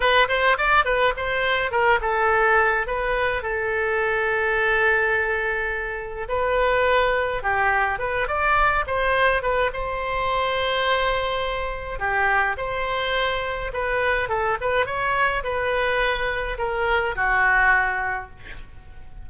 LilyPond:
\new Staff \with { instrumentName = "oboe" } { \time 4/4 \tempo 4 = 105 b'8 c''8 d''8 b'8 c''4 ais'8 a'8~ | a'4 b'4 a'2~ | a'2. b'4~ | b'4 g'4 b'8 d''4 c''8~ |
c''8 b'8 c''2.~ | c''4 g'4 c''2 | b'4 a'8 b'8 cis''4 b'4~ | b'4 ais'4 fis'2 | }